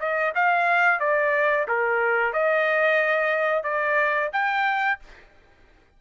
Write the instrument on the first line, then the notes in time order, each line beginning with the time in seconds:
trumpet
0.00 D#5
0.35 F5
1.00 D5
1.68 A#4
2.33 D#5
3.64 D5
4.33 G5